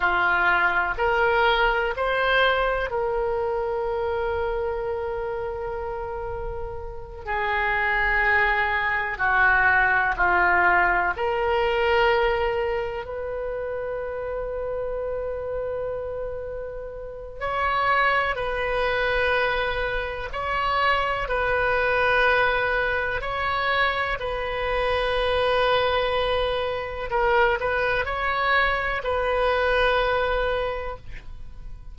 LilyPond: \new Staff \with { instrumentName = "oboe" } { \time 4/4 \tempo 4 = 62 f'4 ais'4 c''4 ais'4~ | ais'2.~ ais'8 gis'8~ | gis'4. fis'4 f'4 ais'8~ | ais'4. b'2~ b'8~ |
b'2 cis''4 b'4~ | b'4 cis''4 b'2 | cis''4 b'2. | ais'8 b'8 cis''4 b'2 | }